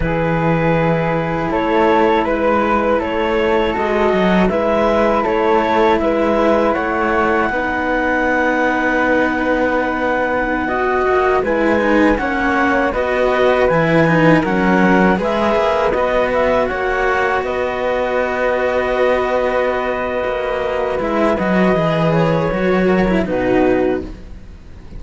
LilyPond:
<<
  \new Staff \with { instrumentName = "clarinet" } { \time 4/4 \tempo 4 = 80 b'2 cis''4 b'4 | cis''4 dis''4 e''4 cis''4 | e''4 fis''2.~ | fis''2.~ fis''16 gis''8.~ |
gis''16 fis''4 dis''4 gis''4 fis''8.~ | fis''16 e''4 dis''8 e''8 fis''4 dis''8.~ | dis''1 | e''8 dis''4 cis''4. b'4 | }
  \new Staff \with { instrumentName = "flute" } { \time 4/4 gis'2 a'4 b'4 | a'2 b'4 a'4 | b'4 cis''4 b'2~ | b'2~ b'16 dis''4 b'8.~ |
b'16 cis''4 b'2 ais'8.~ | ais'16 b'2 cis''4 b'8.~ | b'1~ | b'2~ b'8 ais'8 fis'4 | }
  \new Staff \with { instrumentName = "cello" } { \time 4/4 e'1~ | e'4 fis'4 e'2~ | e'2 dis'2~ | dis'2~ dis'16 fis'4 e'8 dis'16~ |
dis'16 cis'4 fis'4 e'8 dis'8 cis'8.~ | cis'16 gis'4 fis'2~ fis'8.~ | fis'1 | e'8 fis'8 gis'4 fis'8. e'16 dis'4 | }
  \new Staff \with { instrumentName = "cello" } { \time 4/4 e2 a4 gis4 | a4 gis8 fis8 gis4 a4 | gis4 a4 b2~ | b2~ b8. ais8 gis8.~ |
gis16 ais4 b4 e4 fis8.~ | fis16 gis8 ais8 b4 ais4 b8.~ | b2. ais4 | gis8 fis8 e4 fis4 b,4 | }
>>